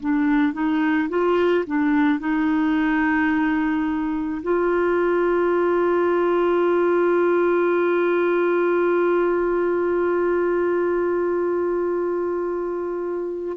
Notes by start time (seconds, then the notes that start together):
0.00 D4
0.53 D#4
1.09 F4
1.66 D4
2.19 D#4
4.42 F4